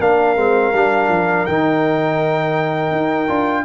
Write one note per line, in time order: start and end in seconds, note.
0.00 0.37 A#3
0.00 0.37 D4
0.00 3.65 A#4
0.00 1.46 F5
0.37 0.73 G#3
0.37 0.73 C4
0.74 1.09 G3
0.74 1.48 D4
1.09 1.46 F3
1.46 2.92 D#3
1.46 3.29 D#4
1.46 3.65 G5
2.92 3.29 D#4
3.29 3.65 D4
3.29 3.65 F4